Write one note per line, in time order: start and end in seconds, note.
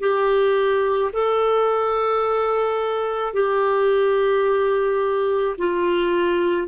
0.00 1.11 G4
1.13 3.34 A4
3.34 5.56 G4
5.58 6.68 F4